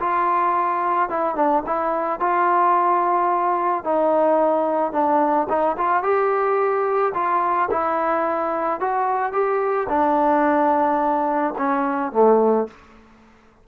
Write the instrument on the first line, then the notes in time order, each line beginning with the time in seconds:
trombone
0.00 F4
1.10 E4
1.36 D4
1.66 E4
2.20 F4
3.85 D#4
4.93 D4
5.50 D#4
5.78 F4
6.03 G4
7.15 F4
7.71 E4
8.80 F#4
9.33 G4
9.90 D4
11.58 C#4
12.13 A3